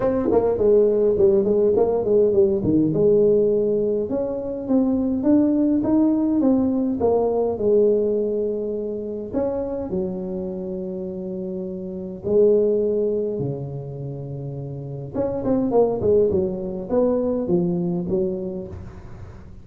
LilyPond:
\new Staff \with { instrumentName = "tuba" } { \time 4/4 \tempo 4 = 103 c'8 ais8 gis4 g8 gis8 ais8 gis8 | g8 dis8 gis2 cis'4 | c'4 d'4 dis'4 c'4 | ais4 gis2. |
cis'4 fis2.~ | fis4 gis2 cis4~ | cis2 cis'8 c'8 ais8 gis8 | fis4 b4 f4 fis4 | }